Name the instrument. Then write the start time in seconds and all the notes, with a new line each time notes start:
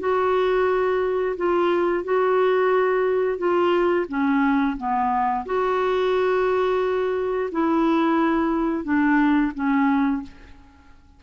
clarinet
0.00 F#4
1.37 F4
2.05 F#4
3.38 F4
4.09 C#4
4.78 B3
5.46 F#4
7.52 E4
8.85 D4
9.55 C#4